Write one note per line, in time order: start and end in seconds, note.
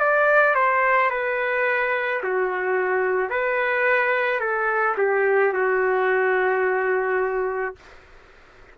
0.00 0.55 D5
0.55 1.11 C5
1.11 2.22 B4
2.23 3.30 F#4
3.30 4.40 B4
4.40 4.96 A4
4.98 5.54 G4
5.54 7.76 F#4